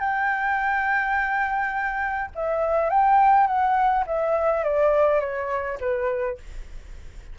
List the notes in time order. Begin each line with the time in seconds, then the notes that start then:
0.00 G5
2.35 E5
2.90 G5
3.47 F#5
4.07 E5
4.64 D5
5.21 C#5
5.80 B4